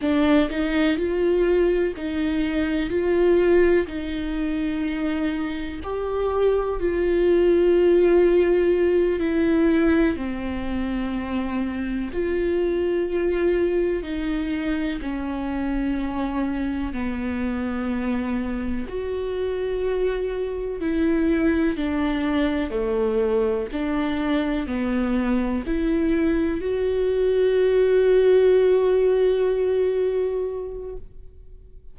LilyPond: \new Staff \with { instrumentName = "viola" } { \time 4/4 \tempo 4 = 62 d'8 dis'8 f'4 dis'4 f'4 | dis'2 g'4 f'4~ | f'4. e'4 c'4.~ | c'8 f'2 dis'4 cis'8~ |
cis'4. b2 fis'8~ | fis'4. e'4 d'4 a8~ | a8 d'4 b4 e'4 fis'8~ | fis'1 | }